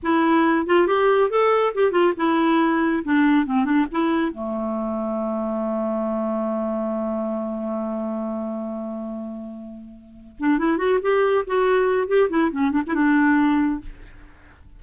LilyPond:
\new Staff \with { instrumentName = "clarinet" } { \time 4/4 \tempo 4 = 139 e'4. f'8 g'4 a'4 | g'8 f'8 e'2 d'4 | c'8 d'8 e'4 a2~ | a1~ |
a1~ | a1 | d'8 e'8 fis'8 g'4 fis'4. | g'8 e'8 cis'8 d'16 e'16 d'2 | }